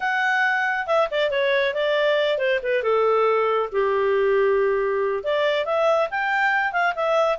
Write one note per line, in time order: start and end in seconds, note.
0.00 0.86 F#5
0.86 1.08 E5
1.10 1.30 D5
1.30 1.74 C#5
1.74 2.38 D5
2.38 2.59 C5
2.63 2.82 B4
2.82 3.69 A4
3.72 5.23 G4
5.23 5.65 D5
5.65 6.08 E5
6.10 6.72 G5
6.72 6.93 F5
6.95 7.38 E5